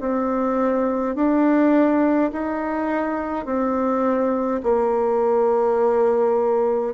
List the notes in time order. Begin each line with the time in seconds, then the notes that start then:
0.00 C4
1.15 D4
2.32 D#4
3.45 C4
4.63 A#3